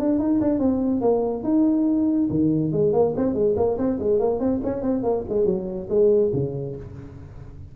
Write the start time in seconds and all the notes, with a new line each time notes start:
0.00 D4
0.19 D#4
0.41 D4
0.60 C4
1.01 A#3
1.44 D#4
2.30 D#3
2.73 G#3
2.94 A#3
3.17 C4
3.34 G#3
3.57 A#3
3.78 C4
3.99 G#3
4.20 A#3
4.40 C4
4.64 C#4
4.82 C4
5.04 A#3
5.29 G#3
5.46 F#3
5.90 G#3
6.34 C#3